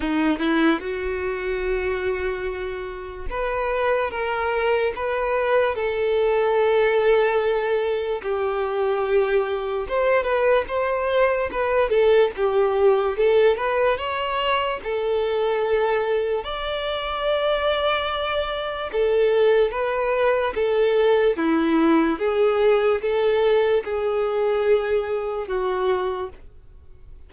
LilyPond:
\new Staff \with { instrumentName = "violin" } { \time 4/4 \tempo 4 = 73 dis'8 e'8 fis'2. | b'4 ais'4 b'4 a'4~ | a'2 g'2 | c''8 b'8 c''4 b'8 a'8 g'4 |
a'8 b'8 cis''4 a'2 | d''2. a'4 | b'4 a'4 e'4 gis'4 | a'4 gis'2 fis'4 | }